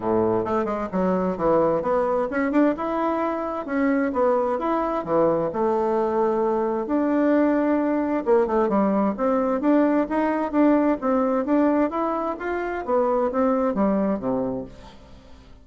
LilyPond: \new Staff \with { instrumentName = "bassoon" } { \time 4/4 \tempo 4 = 131 a,4 a8 gis8 fis4 e4 | b4 cis'8 d'8 e'2 | cis'4 b4 e'4 e4 | a2. d'4~ |
d'2 ais8 a8 g4 | c'4 d'4 dis'4 d'4 | c'4 d'4 e'4 f'4 | b4 c'4 g4 c4 | }